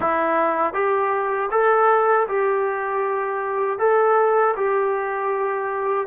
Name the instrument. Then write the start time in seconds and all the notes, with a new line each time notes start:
trombone
0.00 E4
0.73 G4
1.51 A4
2.28 G4
3.78 A4
4.56 G4